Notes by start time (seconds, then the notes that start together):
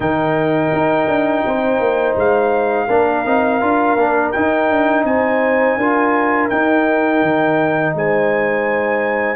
0.00 D#3 D#4 A#4 G5
0.73 D#4
1.07 D4
1.45 C4 C5
1.79 A#3
2.16 G#3 F5
2.87 A#3 D4 A#4
3.25 C4 D#4
3.61 D4 F4
3.96 A#3 D4
4.31 D#4 G5
4.70 D4
5.04 C4 C5 G#5
5.77 D4 F4 A#4
6.49 D#4 G5
7.22 D#3
7.94 G#3 C5 G#5